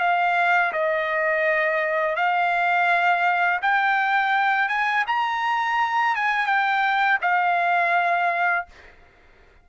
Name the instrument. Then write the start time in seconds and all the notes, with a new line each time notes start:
trumpet
0.00 F5
0.73 D#5
2.16 F5
3.62 G5
4.69 G#5
5.07 A#5
6.15 G#5
6.46 G5
7.22 F5